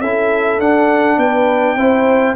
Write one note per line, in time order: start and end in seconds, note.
0.00 0.58 C#4
0.00 0.60 E4
0.00 1.18 A4
0.00 0.60 E5
0.58 1.17 D4
0.58 1.78 D4
0.58 1.19 F#5
1.17 1.76 B3
1.17 1.77 B4
1.17 2.36 G5
1.76 2.35 C4
1.76 2.36 E4
1.76 2.35 C5